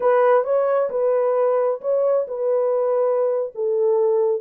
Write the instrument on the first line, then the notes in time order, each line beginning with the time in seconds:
horn
0.00 B4
0.44 C#5
0.90 B4
1.81 C#5
2.27 B4
3.55 A4